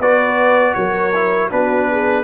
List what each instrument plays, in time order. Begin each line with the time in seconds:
0.00 tuba B3, trombone F#4, horn B4, trumpet D5
0.74 tuba F#3, horn A#4, trumpet C#5
1.14 trombone E4
1.51 tuba B3, trombone D4, horn F#4, trumpet B4
1.91 horn G#4